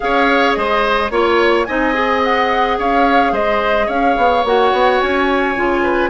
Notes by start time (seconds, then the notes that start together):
0.00 C#4 G#4 C#5 F5
0.53 G#3 C5 D#5
1.10 A#3 F4 C#5
1.65 C4 D#4 D#5 G#5
1.93 G#4
2.23 F#5
2.78 C#4 C#5 F5
3.31 G#3 C5 D#5
3.86 C#4 C#5 F5
4.16 B3
4.44 A#3 F#4 F#5
4.72 B3
5.00 C#4 G#5
5.55 C#3 F4
5.83 B4